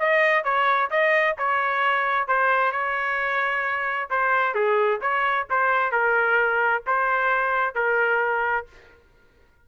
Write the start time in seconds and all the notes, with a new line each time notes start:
0.00 D#5
0.45 C#5
0.91 D#5
1.38 C#5
2.28 C5
2.72 C#5
4.10 C5
4.55 G#4
5.02 C#5
5.50 C5
5.92 A#4
6.87 C5
7.75 A#4